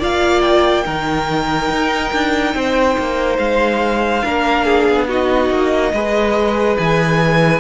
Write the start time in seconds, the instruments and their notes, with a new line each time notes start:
0.00 cello A#3, viola F4, violin D5 F5
0.42 violin G5
0.86 cello D#3, viola D#4, violin A#4
1.70 cello D#4
2.13 cello D4
2.54 cello C4, violin C5
2.99 cello A#3
3.39 cello G#3, violin F5
4.24 cello A#3, viola D4, violin A#4
4.65 violin G#4
4.89 cello B3
5.08 viola D#4, violin F#4 D#5
5.50 cello A#3
5.93 cello G#3, viola G#4, violin B4
6.78 cello E3, violin G#5